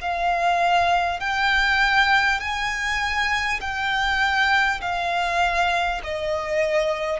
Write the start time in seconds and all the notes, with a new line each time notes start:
0.00 F5
1.20 G5
2.39 G#5
3.60 G5
4.81 F5
6.03 D#5